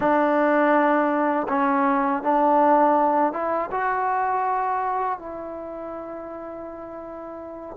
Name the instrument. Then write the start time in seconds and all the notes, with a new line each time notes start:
trombone
0.00 D4
1.48 C#4
2.23 D4
3.32 E4
3.71 F#4
5.19 E4